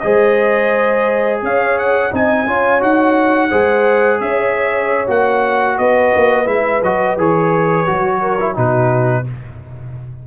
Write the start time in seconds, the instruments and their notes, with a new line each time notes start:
0.00 tuba G#3, trombone G#4, horn C5, trumpet D#5
1.42 tuba C#4, horn C#5, trumpet F5
1.78 trumpet F#5
2.11 tuba C4, trombone D#4, horn D#5, trumpet G#5
2.46 tuba C#4, trombone F4, horn C#5
2.80 tuba D#4, trombone F#4, trumpet F#5
3.50 tuba G#3, trombone G#4, horn C5
4.20 tuba C#4, horn C#5, trumpet E5
5.07 tuba A#3, trombone F#4, trumpet F#5
5.78 tuba B3, horn B4, trumpet D#5
6.15 tuba A#3
6.45 tuba G#3, trombone E4, trumpet E5
6.82 tuba F#3, trombone F#4, trumpet D#5
7.17 tuba E3, trombone G#4, trumpet C#5
7.86 tuba F#3, trombone F#4
8.21 horn A#4
8.40 trombone E4
8.54 tuba B2, trombone D#4, horn F#4, trumpet B4